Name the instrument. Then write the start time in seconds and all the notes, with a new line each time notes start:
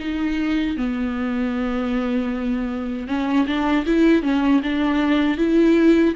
viola
0.00 D#4
0.77 B3
3.08 C#4
3.47 D4
3.86 E4
4.23 C#4
4.63 D4
5.38 E4